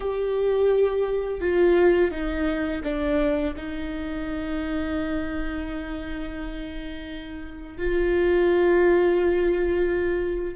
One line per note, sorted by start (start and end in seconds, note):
0.00 1.40 G4
1.40 2.11 F4
2.11 2.81 D#4
2.83 3.54 D4
3.56 7.77 D#4
7.77 10.56 F4